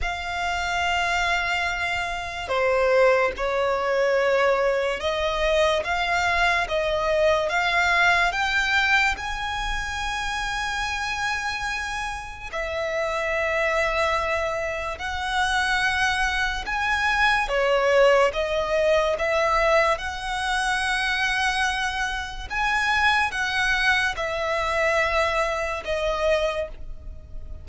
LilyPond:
\new Staff \with { instrumentName = "violin" } { \time 4/4 \tempo 4 = 72 f''2. c''4 | cis''2 dis''4 f''4 | dis''4 f''4 g''4 gis''4~ | gis''2. e''4~ |
e''2 fis''2 | gis''4 cis''4 dis''4 e''4 | fis''2. gis''4 | fis''4 e''2 dis''4 | }